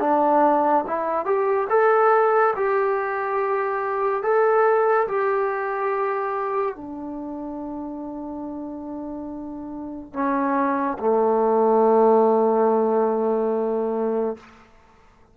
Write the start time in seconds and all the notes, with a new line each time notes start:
0.00 D4
0.87 E4
1.25 G4
1.69 A4
2.56 G4
4.23 A4
5.08 G4
6.75 D4
10.13 C#4
10.99 A3